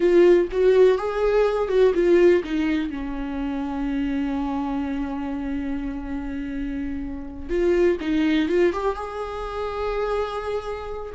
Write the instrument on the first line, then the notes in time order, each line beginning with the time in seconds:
viola
0.00 F4
0.51 F#4
0.98 G#4
1.68 F#4
1.94 F4
2.43 D#4
2.90 C#4
7.49 F4
8.00 D#4
8.49 F4
8.72 G4
8.95 G#4